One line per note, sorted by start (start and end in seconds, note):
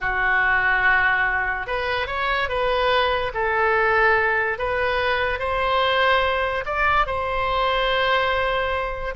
0.01 1.66 F#4
1.66 2.07 B4
2.07 2.48 C#5
2.48 3.32 B4
3.34 4.58 A4
4.58 5.39 B4
5.39 6.64 C5
6.65 7.06 D5
7.06 9.14 C5